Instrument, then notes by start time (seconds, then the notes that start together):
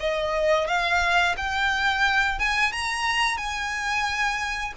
violin
0.00 D#5
0.67 F5
1.37 G5
2.39 G#5
2.72 A#5
3.37 G#5